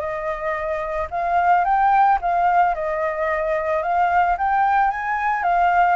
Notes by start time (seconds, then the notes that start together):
0.00 D#5
1.11 F5
1.65 G5
2.22 F5
2.75 D#5
3.83 F5
4.38 G5
4.91 G#5
5.43 F5